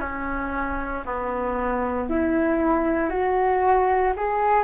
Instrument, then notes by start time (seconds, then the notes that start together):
flute
0.00 C#4
1.05 B3
2.09 E4
3.09 F#4
4.16 G#4